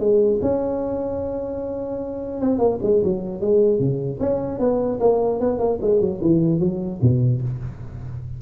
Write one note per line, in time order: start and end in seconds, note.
0.00 0.40 G#3
0.42 2.41 C#4
2.41 2.59 C4
2.59 2.79 A#3
2.83 3.03 G#3
3.04 3.41 F#3
3.41 3.79 G#3
3.79 4.19 C#3
4.20 4.59 C#4
4.59 4.99 B3
5.00 5.40 A#3
5.41 5.59 B3
5.59 5.79 A#3
5.82 6.01 G#3
6.01 6.21 F#3
6.22 6.60 E3
6.60 7.00 F#3
7.02 7.42 B2